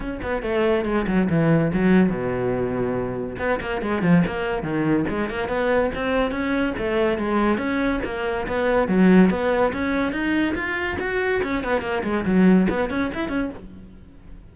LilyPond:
\new Staff \with { instrumentName = "cello" } { \time 4/4 \tempo 4 = 142 cis'8 b8 a4 gis8 fis8 e4 | fis4 b,2. | b8 ais8 gis8 f8 ais4 dis4 | gis8 ais8 b4 c'4 cis'4 |
a4 gis4 cis'4 ais4 | b4 fis4 b4 cis'4 | dis'4 f'4 fis'4 cis'8 b8 | ais8 gis8 fis4 b8 cis'8 e'8 cis'8 | }